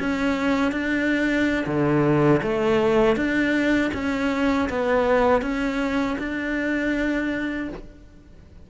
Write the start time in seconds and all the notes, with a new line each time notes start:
0.00 C#4
0.72 D4
1.66 D3
2.43 A3
3.16 D4
3.94 C#4
4.70 B3
5.42 C#4
6.19 D4